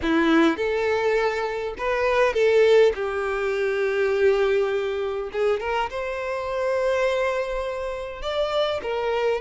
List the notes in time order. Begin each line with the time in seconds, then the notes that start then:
0.02 E4
0.56 A4
1.78 B4
2.33 A4
2.94 G4
5.32 G#4
5.60 A#4
5.90 C5
8.22 D5
8.82 A#4